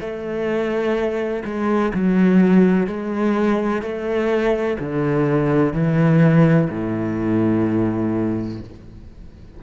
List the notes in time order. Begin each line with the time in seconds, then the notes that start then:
0.00 A3
1.45 G#3
1.94 F#3
2.87 G#3
3.81 A3
4.79 D3
5.73 E3
6.70 A2